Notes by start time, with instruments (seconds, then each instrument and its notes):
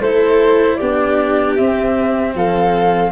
0.00 tuba A3, cello E4, violin A4, flute C5
0.76 tuba B3, cello D4, violin G4, flute D5
1.56 cello C4, tuba C4, flute E5
2.34 tuba F3, violin A4, flute F5